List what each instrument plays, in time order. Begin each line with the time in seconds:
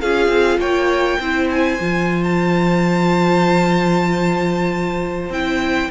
0.00 cello C#4, viola F4, violin G#4 F5
0.28 cello C4
0.58 cello A#3, violin C#5 G5
1.18 cello C4, viola E4, violin C5
1.50 violin G#5
1.79 cello F3, viola F4
2.23 violin A5
5.29 cello C4, viola E4, violin G5